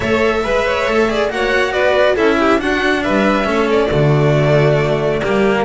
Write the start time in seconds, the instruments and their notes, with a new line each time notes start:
0.00 double bass A3, cello A4, violin C#5 E5
0.44 double bass G#3, cello B4, violin B4
0.65 violin C#5
0.87 double bass A3, cello A4
1.08 cello G#4, violin D5
1.29 double bass A#3, cello F#4, violin C#5 F#5
1.72 double bass B3, violin B4 D5
2.15 double bass C#4, cello E4, violin A4 E5
2.39 violin G4
2.58 cello D4, double bass D4, violin F#4 F#5
3.03 double bass G3, violin B4 E5
3.43 double bass A3, cello C#4, violin A4
3.70 violin D5
3.91 double bass D3, cello A3, violin F#4
5.21 double bass G3, cello A#3, violin G4